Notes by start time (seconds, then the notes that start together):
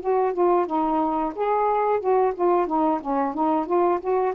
0.00 F#4
0.33 F4
0.66 D#4
1.35 G#4
1.99 F#4
2.35 F4
2.67 D#4
3.00 C#4
3.33 D#4
3.66 F4
4.00 F#4